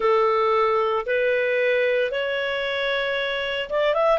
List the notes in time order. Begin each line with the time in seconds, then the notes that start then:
0.00 A4
1.05 B4
2.11 C#5
3.69 D5
3.93 E5